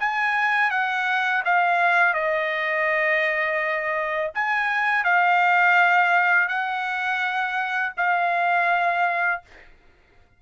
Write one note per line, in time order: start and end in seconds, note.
0.00 0.71 G#5
0.71 1.43 F#5
1.45 2.14 F5
2.14 4.31 D#5
4.35 5.04 G#5
5.04 6.48 F5
6.48 7.93 F#5
7.97 9.42 F5